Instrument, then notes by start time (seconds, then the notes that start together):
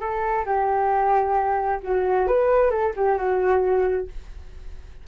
flute
0.00 A4
0.45 G4
1.83 F#4
2.27 B4
2.70 A4
2.96 G4
3.18 F#4